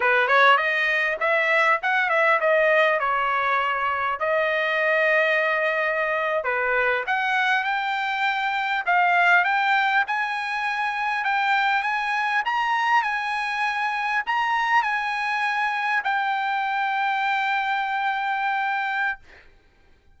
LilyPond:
\new Staff \with { instrumentName = "trumpet" } { \time 4/4 \tempo 4 = 100 b'8 cis''8 dis''4 e''4 fis''8 e''8 | dis''4 cis''2 dis''4~ | dis''2~ dis''8. b'4 fis''16~ | fis''8. g''2 f''4 g''16~ |
g''8. gis''2 g''4 gis''16~ | gis''8. ais''4 gis''2 ais''16~ | ais''8. gis''2 g''4~ g''16~ | g''1 | }